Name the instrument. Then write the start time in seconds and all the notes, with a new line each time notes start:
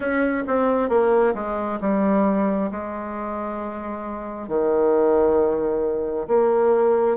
bassoon
0.00 C#4
0.47 C4
0.89 A#3
1.34 G#3
1.81 G3
2.71 G#3
4.48 D#3
6.27 A#3